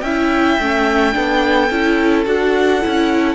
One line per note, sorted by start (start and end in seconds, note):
0.00 0.57 C#4
0.00 0.60 E4
0.00 1.14 E5
0.00 2.22 G5
0.59 1.14 A3
0.59 1.12 C#4
1.12 1.71 B3
1.12 1.68 D4
1.12 3.35 A4
1.71 2.26 C#4
1.71 2.25 E4
2.25 2.82 D4
2.25 2.81 F#4
2.25 3.35 F#5
2.81 3.35 C#4
2.81 3.35 E4